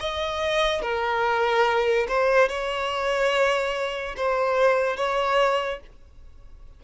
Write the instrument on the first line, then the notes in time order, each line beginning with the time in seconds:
violin
0.00 D#5
0.82 A#4
2.08 C5
2.49 C#5
4.17 C5
4.97 C#5